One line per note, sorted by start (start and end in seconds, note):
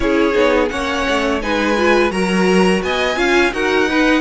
0.00 0.35 C#4
0.00 0.32 E4
0.00 0.71 G#4
0.00 0.68 C#5
0.32 0.70 B3
0.32 0.68 D#4
0.68 1.06 A#3
0.68 1.40 C#4
0.68 1.42 C#5
0.68 1.39 F#5
1.08 1.43 A3
1.41 2.10 G#3
1.41 1.76 D#4
1.41 2.12 B4
1.41 2.11 G#5
1.76 2.10 F4
2.10 2.81 F#3
2.10 3.15 F#4
2.10 2.82 A#4
2.10 2.81 A#5
2.82 3.16 B3
2.82 3.17 D#5
2.82 3.53 G#5
3.15 3.51 C#4
3.15 3.51 F4
3.15 3.52 F5
3.52 4.20 D#4
3.52 3.88 F#4
3.52 3.88 A#4
3.52 4.20 F#5
3.88 4.20 D#4
3.88 4.20 B4